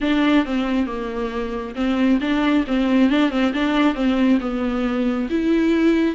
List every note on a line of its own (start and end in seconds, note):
0.01 0.45 D4
0.45 0.86 C4
0.86 1.74 A#3
1.75 2.19 C4
2.20 2.65 D4
2.67 3.10 C4
3.10 3.30 D4
3.30 3.52 C4
3.53 3.94 D4
3.94 4.38 C4
4.40 5.28 B3
5.29 6.15 E4